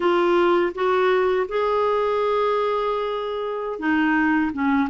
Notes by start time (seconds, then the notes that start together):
0.00 F4
0.74 F#4
1.48 G#4
3.79 D#4
4.52 C#4